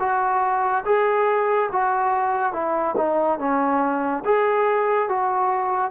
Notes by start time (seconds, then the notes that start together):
0.00 F#4
0.85 G#4
1.72 F#4
2.53 E4
2.97 D#4
3.39 C#4
4.25 G#4
5.09 F#4